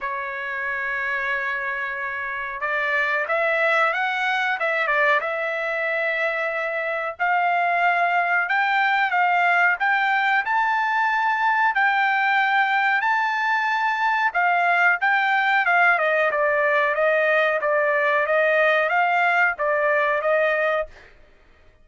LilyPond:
\new Staff \with { instrumentName = "trumpet" } { \time 4/4 \tempo 4 = 92 cis''1 | d''4 e''4 fis''4 e''8 d''8 | e''2. f''4~ | f''4 g''4 f''4 g''4 |
a''2 g''2 | a''2 f''4 g''4 | f''8 dis''8 d''4 dis''4 d''4 | dis''4 f''4 d''4 dis''4 | }